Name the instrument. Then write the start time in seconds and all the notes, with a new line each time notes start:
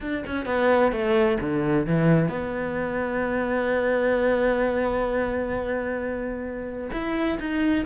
cello
0.01 D4
0.26 C#4
0.45 B3
0.91 A3
1.40 D3
1.86 E3
2.28 B3
6.92 E4
7.39 D#4